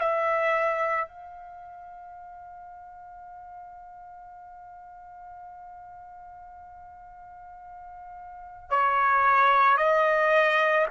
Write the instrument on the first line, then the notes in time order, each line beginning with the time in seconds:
trumpet
0.00 E5
1.08 F5
8.70 C#5
9.77 D#5